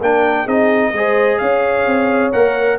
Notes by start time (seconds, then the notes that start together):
0.00 A#3 D4 A#4 G5
0.44 C4 D#4 G#4 D#5
0.92 G#3 G#4 C5
1.38 C#4 C#5 F5
1.86 C4
2.32 A#3 A#4 F#5